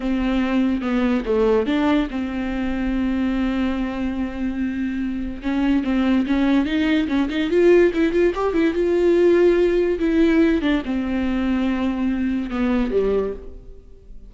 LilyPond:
\new Staff \with { instrumentName = "viola" } { \time 4/4 \tempo 4 = 144 c'2 b4 a4 | d'4 c'2.~ | c'1~ | c'4 cis'4 c'4 cis'4 |
dis'4 cis'8 dis'8 f'4 e'8 f'8 | g'8 e'8 f'2. | e'4. d'8 c'2~ | c'2 b4 g4 | }